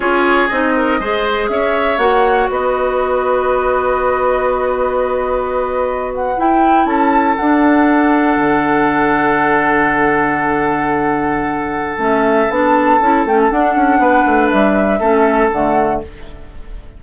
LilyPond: <<
  \new Staff \with { instrumentName = "flute" } { \time 4/4 \tempo 4 = 120 cis''4 dis''2 e''4 | fis''4 dis''2.~ | dis''1~ | dis''16 fis''8 g''4 a''4 fis''4~ fis''16~ |
fis''1~ | fis''1 | e''4 a''4. g''16 a''16 fis''4~ | fis''4 e''2 fis''4 | }
  \new Staff \with { instrumentName = "oboe" } { \time 4/4 gis'4. ais'8 c''4 cis''4~ | cis''4 b'2.~ | b'1~ | b'4.~ b'16 a'2~ a'16~ |
a'1~ | a'1~ | a'1 | b'2 a'2 | }
  \new Staff \with { instrumentName = "clarinet" } { \time 4/4 f'4 dis'4 gis'2 | fis'1~ | fis'1~ | fis'8. e'2 d'4~ d'16~ |
d'1~ | d'1 | cis'4 d'4 e'8 cis'8 d'4~ | d'2 cis'4 a4 | }
  \new Staff \with { instrumentName = "bassoon" } { \time 4/4 cis'4 c'4 gis4 cis'4 | ais4 b2.~ | b1~ | b8. e'4 cis'4 d'4~ d'16~ |
d'8. d2.~ d16~ | d1 | a4 b4 cis'8 a8 d'8 cis'8 | b8 a8 g4 a4 d4 | }
>>